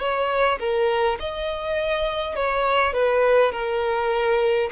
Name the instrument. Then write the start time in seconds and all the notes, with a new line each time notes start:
violin
0.00 C#5
0.60 A#4
1.20 D#5
2.36 C#5
2.93 B4
3.52 A#4